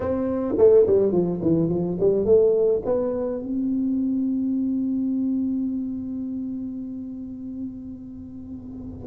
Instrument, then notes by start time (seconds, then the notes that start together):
tuba
0.00 C4
0.57 A3
0.86 G3
1.12 F3
1.42 E3
1.69 F3
1.99 G3
2.25 A3
2.85 B3
3.41 C4